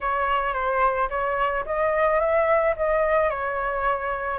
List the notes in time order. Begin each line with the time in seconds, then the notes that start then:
0.01 C#5
0.53 C5
1.09 C#5
1.65 D#5
2.19 E5
2.76 D#5
3.29 C#5